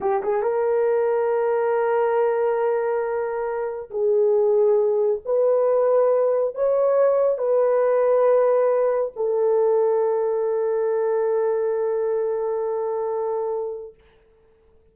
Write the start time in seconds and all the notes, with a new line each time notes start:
0.00 G4
0.23 G#4
0.42 A#4
3.90 G#4
5.25 B4
6.54 C#5
7.38 B4
9.16 A4